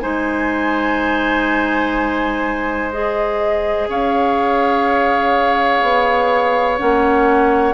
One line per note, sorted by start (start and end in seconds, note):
0.00 3.88 G#3
0.00 2.91 D#4
0.00 3.89 C5
0.00 2.90 G#5
2.91 6.78 G#4
2.91 3.88 D#5
3.88 5.82 C#4
3.88 7.74 C#5
3.88 6.79 F5
5.82 6.79 B3
6.78 7.74 A#3
6.78 7.74 C#4
6.78 7.74 F#5